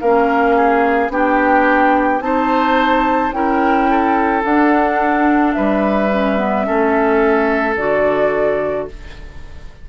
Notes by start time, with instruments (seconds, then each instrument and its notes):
0.00 bassoon A#3, clarinet C#4, oboe A#4, flute F5
0.56 oboe G#4
1.09 bassoon B3, clarinet D4, oboe G4, flute G5
2.20 bassoon C4, clarinet D#4, oboe C5, flute A5
3.32 bassoon C#4, clarinet E4, oboe A#4, flute G5
3.90 oboe A4
4.43 clarinet D4, bassoon D4, flute F#5
5.53 bassoon G3, oboe B4, flute E5
6.12 clarinet C#4
6.37 clarinet B3
6.64 bassoon A3, clarinet C#4, oboe A4
7.76 bassoon D3, clarinet F#4, flute D5